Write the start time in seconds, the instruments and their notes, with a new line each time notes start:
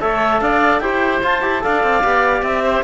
0.00 cello A3, trombone A4, oboe C#5, clarinet E5
0.40 cello D4, oboe D5, clarinet F5
0.79 cello E4, trombone G4, oboe C5, clarinet G5
1.22 trombone F4, cello F4, clarinet A5
1.41 cello E4, trombone G4
1.61 cello D4, trombone A4, oboe D5, clarinet F5
1.83 cello C4
2.02 cello B3, trombone G4
2.42 cello C4, clarinet E5
2.64 oboe C5